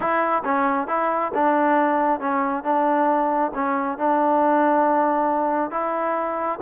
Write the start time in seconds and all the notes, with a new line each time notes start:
0.00 E4
0.44 C#4
0.87 E4
1.34 D4
2.20 C#4
2.63 D4
3.54 C#4
3.98 D4
5.71 E4